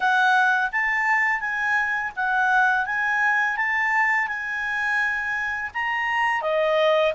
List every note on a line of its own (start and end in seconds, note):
0.00 0.70 F#5
0.72 1.40 A5
1.40 2.12 G#5
2.16 2.86 F#5
2.86 3.56 G#5
3.56 4.27 A5
4.27 5.70 G#5
5.73 6.41 A#5
6.41 7.13 D#5